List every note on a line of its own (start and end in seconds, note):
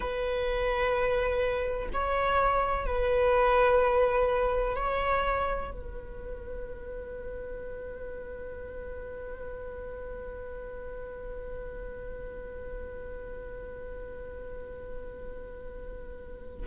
0.00 1.88 B4
1.93 2.86 C#5
2.86 4.76 B4
4.76 5.71 C#5
5.71 16.66 B4